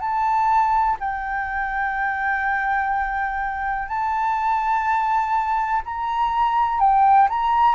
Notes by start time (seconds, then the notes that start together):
0.00 A5
1.00 G5
3.88 A5
5.85 A#5
6.80 G5
7.30 A#5